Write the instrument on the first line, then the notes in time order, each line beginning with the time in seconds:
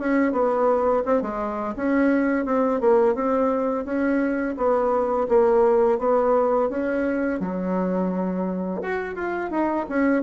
bassoon
0.00 C#4
0.33 B3
1.06 C4
1.22 G#3
1.77 C#4
2.46 C4
2.81 A#3
3.15 C4
3.85 C#4
4.58 B3
5.29 A#3
5.99 B3
6.70 C#4
7.40 F#3
8.82 F#4
9.16 F4
9.51 D#4
9.89 C#4